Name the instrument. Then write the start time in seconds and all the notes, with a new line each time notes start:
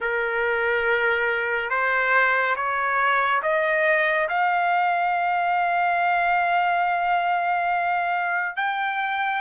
trumpet
0.00 A#4
1.69 C5
2.56 C#5
3.42 D#5
4.29 F5
8.56 G5